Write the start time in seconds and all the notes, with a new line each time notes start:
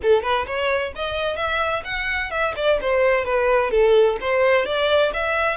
0.02 A4
0.22 B4
0.46 C#5
0.95 D#5
1.36 E5
1.84 F#5
2.30 E5
2.56 D5
2.81 C5
3.24 B4
3.70 A4
4.21 C5
4.65 D5
5.13 E5